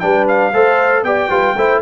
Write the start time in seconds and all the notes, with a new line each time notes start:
0.00 G3 D4 B4 G5
0.28 F5
0.53 A3 A4 C5
1.03 B3 G4 D5 G5
1.30 G3 F4 B4
1.57 A3 E4 C5